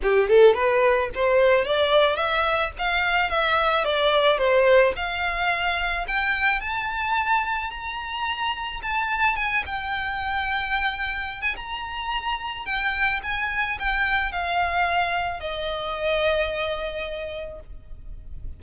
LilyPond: \new Staff \with { instrumentName = "violin" } { \time 4/4 \tempo 4 = 109 g'8 a'8 b'4 c''4 d''4 | e''4 f''4 e''4 d''4 | c''4 f''2 g''4 | a''2 ais''2 |
a''4 gis''8 g''2~ g''8~ | g''8. gis''16 ais''2 g''4 | gis''4 g''4 f''2 | dis''1 | }